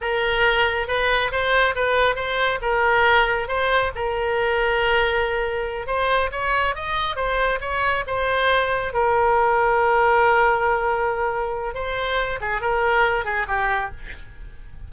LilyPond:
\new Staff \with { instrumentName = "oboe" } { \time 4/4 \tempo 4 = 138 ais'2 b'4 c''4 | b'4 c''4 ais'2 | c''4 ais'2.~ | ais'4. c''4 cis''4 dis''8~ |
dis''8 c''4 cis''4 c''4.~ | c''8 ais'2.~ ais'8~ | ais'2. c''4~ | c''8 gis'8 ais'4. gis'8 g'4 | }